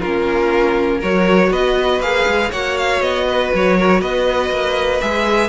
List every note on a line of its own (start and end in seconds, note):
0.00 1.03 A#3
0.00 1.03 C#4
0.00 0.99 F4
0.00 1.01 A#4
0.99 1.51 F#3
0.99 2.03 F#4
0.99 1.49 A#4
0.99 1.53 C#5
1.51 2.00 B3
1.51 2.50 B4
1.51 2.02 D#5
2.00 2.25 A#3
2.00 2.53 G#4
2.00 2.52 F5
2.27 2.52 G#3
2.50 3.01 A#3
2.50 5.02 F#4
2.50 3.25 C#5
2.50 2.78 F#5
2.78 3.02 F5
3.01 3.51 B3
3.01 3.52 D#5
3.29 3.78 B4
3.54 4.02 F#3
3.54 4.02 C#5
3.78 4.00 A#4
4.00 4.50 B3
4.00 5.50 B4
4.00 5.01 D#5
4.50 5.00 A#3
5.01 5.50 G#3
5.01 5.50 G#4
5.01 5.50 E5